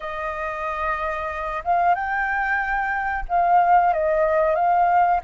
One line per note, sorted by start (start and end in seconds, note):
0.00 1.63 D#5
1.64 1.94 F5
1.94 3.25 G5
3.28 3.93 F5
3.93 4.55 D#5
4.55 5.20 F5